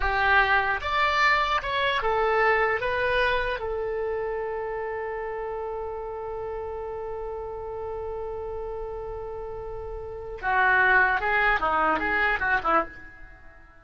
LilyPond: \new Staff \with { instrumentName = "oboe" } { \time 4/4 \tempo 4 = 150 g'2 d''2 | cis''4 a'2 b'4~ | b'4 a'2.~ | a'1~ |
a'1~ | a'1~ | a'2 fis'2 | gis'4 dis'4 gis'4 fis'8 e'8 | }